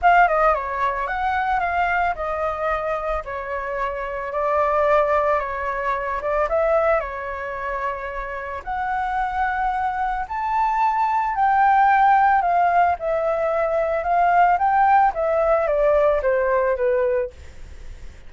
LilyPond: \new Staff \with { instrumentName = "flute" } { \time 4/4 \tempo 4 = 111 f''8 dis''8 cis''4 fis''4 f''4 | dis''2 cis''2 | d''2 cis''4. d''8 | e''4 cis''2. |
fis''2. a''4~ | a''4 g''2 f''4 | e''2 f''4 g''4 | e''4 d''4 c''4 b'4 | }